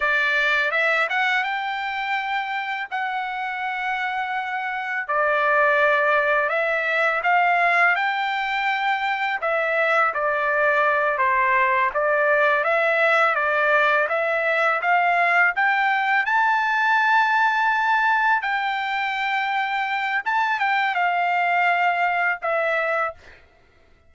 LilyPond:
\new Staff \with { instrumentName = "trumpet" } { \time 4/4 \tempo 4 = 83 d''4 e''8 fis''8 g''2 | fis''2. d''4~ | d''4 e''4 f''4 g''4~ | g''4 e''4 d''4. c''8~ |
c''8 d''4 e''4 d''4 e''8~ | e''8 f''4 g''4 a''4.~ | a''4. g''2~ g''8 | a''8 g''8 f''2 e''4 | }